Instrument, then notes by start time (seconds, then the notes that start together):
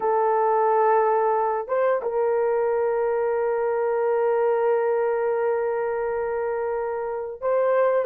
horn
0.00 A4
1.68 C5
2.02 A#4
7.41 C5